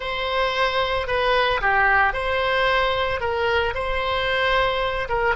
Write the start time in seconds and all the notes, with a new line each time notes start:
0.00 C5
1.07 B4
1.61 G4
2.13 C5
3.20 A#4
3.74 C5
5.08 A#4